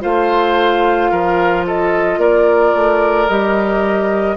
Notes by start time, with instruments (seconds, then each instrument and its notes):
0.00 bassoon A3, clarinet F4, oboe C5, flute F5
1.11 bassoon F3, oboe A#4
1.66 oboe A4, flute D#5
2.17 bassoon A#3, oboe A#4, flute D5
2.74 bassoon A3
3.28 bassoon G3, clarinet G4, flute D#5